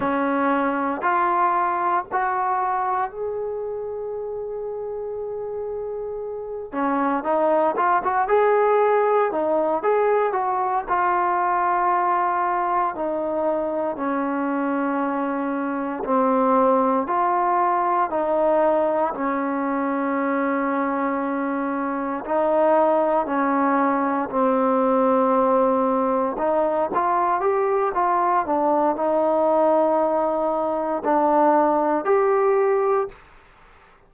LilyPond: \new Staff \with { instrumentName = "trombone" } { \time 4/4 \tempo 4 = 58 cis'4 f'4 fis'4 gis'4~ | gis'2~ gis'8 cis'8 dis'8 f'16 fis'16 | gis'4 dis'8 gis'8 fis'8 f'4.~ | f'8 dis'4 cis'2 c'8~ |
c'8 f'4 dis'4 cis'4.~ | cis'4. dis'4 cis'4 c'8~ | c'4. dis'8 f'8 g'8 f'8 d'8 | dis'2 d'4 g'4 | }